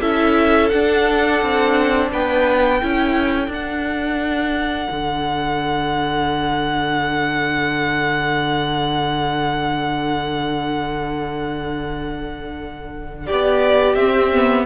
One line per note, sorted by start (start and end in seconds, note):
0.00 0.71 C#4
0.00 0.71 E4
0.00 2.09 A4
0.00 0.69 E5
0.69 2.81 D4
0.69 1.42 D4
0.69 2.09 F#5
1.42 2.12 C4
2.12 2.82 B3
2.12 2.79 B4
2.12 3.52 G5
2.79 3.48 C#4
2.79 3.51 E4
2.79 13.26 A4
3.48 4.87 D4
3.48 13.97 D4
3.48 13.27 F#5
4.91 13.28 D3
13.26 13.95 B3
13.26 14.65 G4
13.26 13.95 D5
13.95 14.65 C4
13.95 14.33 C4
13.95 14.65 E5
14.33 14.65 B3